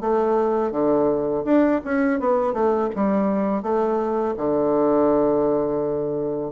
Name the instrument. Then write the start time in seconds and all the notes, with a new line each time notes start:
bassoon
0.00 A3
0.71 D3
1.44 D4
1.84 C#4
2.19 B3
2.53 A3
2.95 G3
3.62 A3
4.37 D3